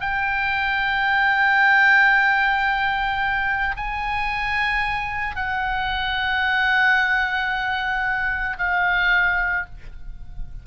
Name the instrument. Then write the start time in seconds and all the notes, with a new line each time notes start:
oboe
0.00 G5
3.76 G#5
5.35 F#5
8.58 F5